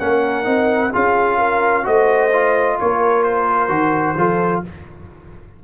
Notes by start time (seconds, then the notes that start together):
0.00 A#3 C#4 A#4 F#5
0.44 C4 D#4
0.93 C#4 F4 G#4 F5
1.38 A#4
1.83 A3 F#4 C5 D#5
2.33 F4
2.81 A#3 A#4 C#5
3.24 C5
3.69 D#3 F#4
4.17 F3 F4 A4